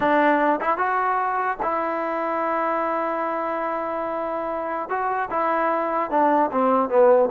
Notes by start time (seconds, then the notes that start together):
0.00 D4
0.60 E4
0.77 F#4
1.62 E4
4.89 F#4
5.30 E4
6.10 D4
6.51 C4
6.89 B3